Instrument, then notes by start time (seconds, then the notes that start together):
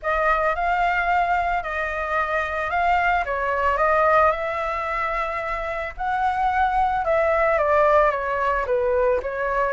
flute
0.02 D#5
0.55 F5
1.63 D#5
2.70 F5
3.25 C#5
3.77 D#5
4.31 E5
5.97 F#5
7.04 E5
7.57 D5
8.11 C#5
8.66 B4
9.22 C#5